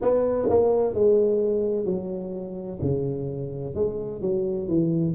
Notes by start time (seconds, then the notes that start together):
0.01 B3
0.49 A#3
0.94 G#3
1.85 F#3
2.81 C#3
3.74 G#3
4.21 F#3
4.67 E3